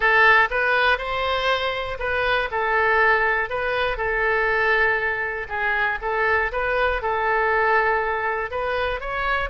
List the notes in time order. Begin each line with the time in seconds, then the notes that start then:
0.00 A4
0.50 B4
0.98 C5
1.99 B4
2.51 A4
3.49 B4
3.97 A4
5.48 G#4
6.01 A4
6.52 B4
7.02 A4
8.50 B4
9.00 C#5